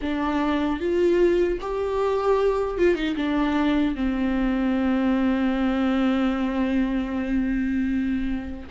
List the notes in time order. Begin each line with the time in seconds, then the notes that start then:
0.01 D4
0.79 F4
1.60 G4
2.77 F4
2.95 D#4
3.16 D4
3.95 C4